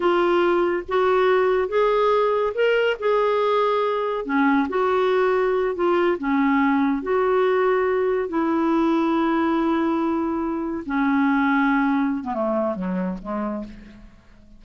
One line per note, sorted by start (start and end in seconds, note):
0.00 0.83 F4
0.88 1.68 F#4
1.68 2.53 G#4
2.54 2.97 A#4
2.99 4.25 G#4
4.25 4.67 C#4
4.68 5.75 F#4
5.75 6.17 F4
6.18 7.02 C#4
7.02 8.28 F#4
8.28 10.84 E4
10.85 12.23 C#4
12.23 12.33 B3
12.33 12.75 A3
12.75 13.17 F#3
13.22 13.64 G#3